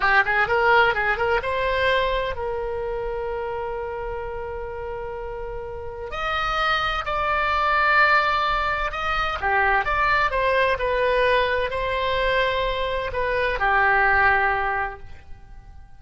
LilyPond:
\new Staff \with { instrumentName = "oboe" } { \time 4/4 \tempo 4 = 128 g'8 gis'8 ais'4 gis'8 ais'8 c''4~ | c''4 ais'2.~ | ais'1~ | ais'4 dis''2 d''4~ |
d''2. dis''4 | g'4 d''4 c''4 b'4~ | b'4 c''2. | b'4 g'2. | }